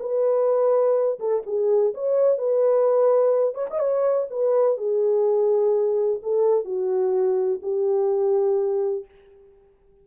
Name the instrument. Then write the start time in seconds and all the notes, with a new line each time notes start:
horn
0.00 B4
1.19 A4
1.47 G#4
1.95 C#5
2.38 B4
3.55 C#5
3.70 D#5
3.80 C#5
4.31 B4
4.78 G#4
6.23 A4
6.65 F#4
7.62 G4